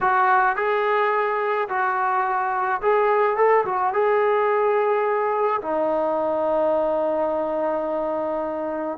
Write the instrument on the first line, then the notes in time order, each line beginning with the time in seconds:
trombone
0.00 F#4
0.56 G#4
1.68 F#4
2.81 G#4
3.36 A4
3.65 F#4
3.93 G#4
5.62 D#4